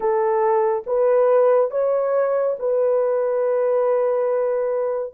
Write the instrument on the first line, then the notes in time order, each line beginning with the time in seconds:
horn
0.00 A4
0.86 B4
1.70 C#5
2.59 B4